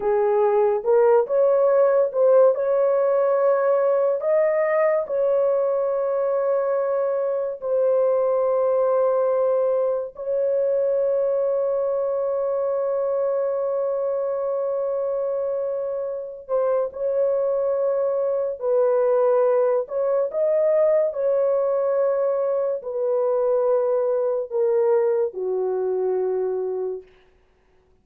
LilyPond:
\new Staff \with { instrumentName = "horn" } { \time 4/4 \tempo 4 = 71 gis'4 ais'8 cis''4 c''8 cis''4~ | cis''4 dis''4 cis''2~ | cis''4 c''2. | cis''1~ |
cis''2.~ cis''8 c''8 | cis''2 b'4. cis''8 | dis''4 cis''2 b'4~ | b'4 ais'4 fis'2 | }